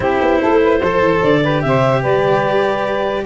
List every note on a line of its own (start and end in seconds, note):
0.00 0.18 C4
0.00 0.80 E4
0.00 0.40 G4
0.00 1.22 C5
0.21 0.41 B3
0.40 0.81 A3
0.40 0.60 A4
0.63 0.80 B4
0.80 1.00 F3
0.80 1.44 A4
0.80 1.41 C5
1.00 1.20 E3
1.22 1.64 D3
1.22 1.61 D5
1.43 3.25 G4
1.43 1.63 B4
1.61 2.04 C3
1.61 2.01 C5
1.61 2.02 E5
2.01 3.25 G3
2.01 3.24 B4
2.01 3.25 D5